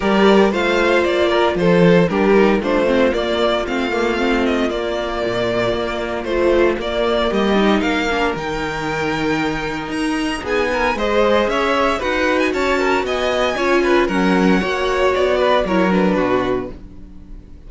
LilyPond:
<<
  \new Staff \with { instrumentName = "violin" } { \time 4/4 \tempo 4 = 115 d''4 f''4 d''4 c''4 | ais'4 c''4 d''4 f''4~ | f''8 dis''8 d''2. | c''4 d''4 dis''4 f''4 |
g''2. ais''4 | gis''4 dis''4 e''4 fis''8. gis''16 | a''4 gis''2 fis''4~ | fis''4 d''4 cis''8 b'4. | }
  \new Staff \with { instrumentName = "violin" } { \time 4/4 ais'4 c''4. ais'8 a'4 | g'4 f'2.~ | f'1~ | f'2 g'4 ais'4~ |
ais'1 | gis'8 ais'8 c''4 cis''4 b'4 | cis''8 ais'8 dis''4 cis''8 b'8 ais'4 | cis''4. b'8 ais'4 fis'4 | }
  \new Staff \with { instrumentName = "viola" } { \time 4/4 g'4 f'2. | d'8 dis'8 d'8 c'8 ais4 c'8 ais8 | c'4 ais2. | f4 ais4. dis'4 d'8 |
dis'1~ | dis'4 gis'2 fis'4~ | fis'2 f'4 cis'4 | fis'2 e'8 d'4. | }
  \new Staff \with { instrumentName = "cello" } { \time 4/4 g4 a4 ais4 f4 | g4 a4 ais4 a4~ | a4 ais4 ais,4 ais4 | a4 ais4 g4 ais4 |
dis2. dis'4 | b4 gis4 cis'4 dis'4 | cis'4 b4 cis'4 fis4 | ais4 b4 fis4 b,4 | }
>>